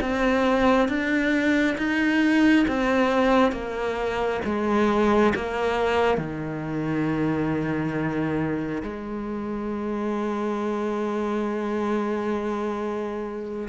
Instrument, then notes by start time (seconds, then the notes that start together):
cello
0.00 C4
0.88 D4
1.77 D#4
2.68 C4
3.52 A#3
4.44 G#3
5.35 A#3
6.17 D#3
8.82 G#3